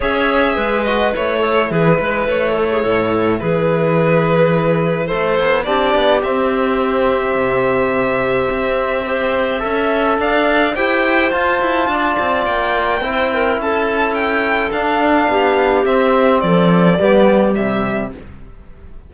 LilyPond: <<
  \new Staff \with { instrumentName = "violin" } { \time 4/4 \tempo 4 = 106 e''4. dis''8 cis''4 b'4 | cis''2 b'2~ | b'4 c''4 d''4 e''4~ | e''1~ |
e''2 f''4 g''4 | a''2 g''2 | a''4 g''4 f''2 | e''4 d''2 e''4 | }
  \new Staff \with { instrumentName = "clarinet" } { \time 4/4 cis''4 b'4. a'8 gis'8 b'8~ | b'8 a'16 gis'16 a'4 gis'2~ | gis'4 a'4 g'2~ | g'1 |
c''4 e''4 d''4 c''4~ | c''4 d''2 c''8 ais'8 | a'2. g'4~ | g'4 a'4 g'2 | }
  \new Staff \with { instrumentName = "trombone" } { \time 4/4 gis'4. fis'8 e'2~ | e'1~ | e'2 d'4 c'4~ | c'1 |
g'4 a'2 g'4 | f'2. e'4~ | e'2 d'2 | c'2 b4 g4 | }
  \new Staff \with { instrumentName = "cello" } { \time 4/4 cis'4 gis4 a4 e8 gis8 | a4 a,4 e2~ | e4 a8 b8 c'8 b8 c'4~ | c'4 c2 c'4~ |
c'4 cis'4 d'4 e'4 | f'8 e'8 d'8 c'8 ais4 c'4 | cis'2 d'4 b4 | c'4 f4 g4 c4 | }
>>